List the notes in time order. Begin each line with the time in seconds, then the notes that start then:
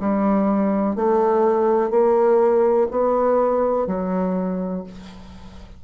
0.00 G3
0.96 A3
1.90 A#3
2.91 B3
3.87 F#3